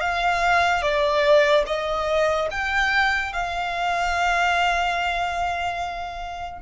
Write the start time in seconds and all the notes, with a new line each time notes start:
0.00 F5
0.82 D5
1.66 D#5
2.51 G5
3.33 F5